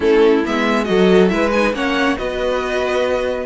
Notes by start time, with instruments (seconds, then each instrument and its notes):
0.00 cello A3, viola C#4, violin E4 A4
0.44 cello G#3, viola B3, violin E5
0.84 cello F#3, viola F#4, violin A4 D#5
1.28 cello G#3, viola E4, violin B4 E5
1.51 viola D#4, violin G#5
1.73 cello A#3, viola C#4, violin C#5 F#5
2.16 cello B3, viola F#4, violin B4 D#5